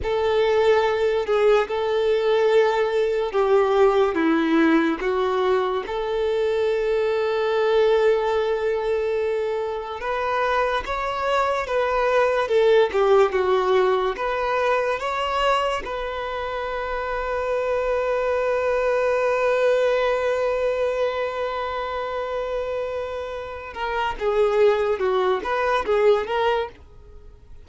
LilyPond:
\new Staff \with { instrumentName = "violin" } { \time 4/4 \tempo 4 = 72 a'4. gis'8 a'2 | g'4 e'4 fis'4 a'4~ | a'1 | b'4 cis''4 b'4 a'8 g'8 |
fis'4 b'4 cis''4 b'4~ | b'1~ | b'1~ | b'8 ais'8 gis'4 fis'8 b'8 gis'8 ais'8 | }